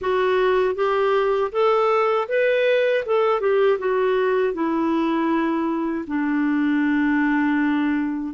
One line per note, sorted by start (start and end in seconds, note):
0.01 0.75 F#4
0.75 1.51 G4
1.52 2.28 A4
2.28 3.04 B4
3.05 3.40 A4
3.40 3.78 G4
3.78 4.53 F#4
4.53 6.05 E4
6.07 8.34 D4